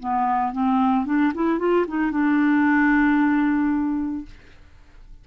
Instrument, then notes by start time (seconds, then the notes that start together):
clarinet
0.00 B3
0.53 C4
1.06 D4
1.35 E4
1.59 F4
1.88 D#4
2.12 D4